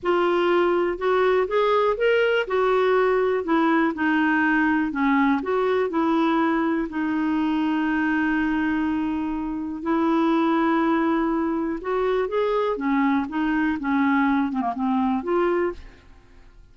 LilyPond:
\new Staff \with { instrumentName = "clarinet" } { \time 4/4 \tempo 4 = 122 f'2 fis'4 gis'4 | ais'4 fis'2 e'4 | dis'2 cis'4 fis'4 | e'2 dis'2~ |
dis'1 | e'1 | fis'4 gis'4 cis'4 dis'4 | cis'4. c'16 ais16 c'4 f'4 | }